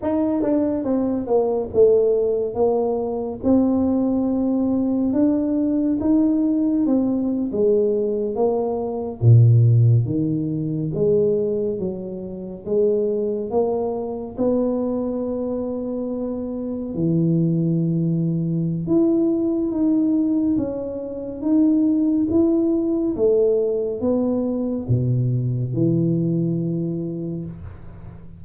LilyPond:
\new Staff \with { instrumentName = "tuba" } { \time 4/4 \tempo 4 = 70 dis'8 d'8 c'8 ais8 a4 ais4 | c'2 d'4 dis'4 | c'8. gis4 ais4 ais,4 dis16~ | dis8. gis4 fis4 gis4 ais16~ |
ais8. b2. e16~ | e2 e'4 dis'4 | cis'4 dis'4 e'4 a4 | b4 b,4 e2 | }